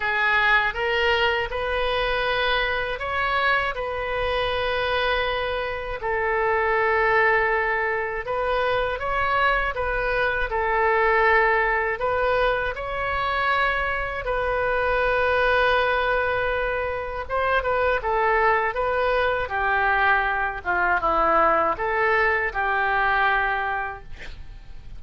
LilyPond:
\new Staff \with { instrumentName = "oboe" } { \time 4/4 \tempo 4 = 80 gis'4 ais'4 b'2 | cis''4 b'2. | a'2. b'4 | cis''4 b'4 a'2 |
b'4 cis''2 b'4~ | b'2. c''8 b'8 | a'4 b'4 g'4. f'8 | e'4 a'4 g'2 | }